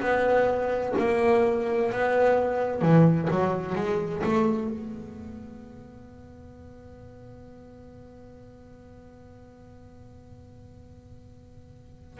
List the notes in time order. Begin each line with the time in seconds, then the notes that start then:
0.00 B3
0.98 A#3
1.92 B3
2.81 E3
3.30 F#3
3.75 G#3
4.23 A3
4.70 B3